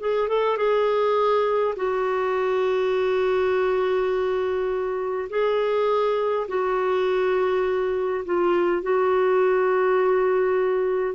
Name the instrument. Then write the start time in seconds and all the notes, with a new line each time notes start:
clarinet
0.00 G#4
0.29 A4
0.58 G#4
1.76 F#4
5.30 G#4
6.49 F#4
8.26 F4
8.83 F#4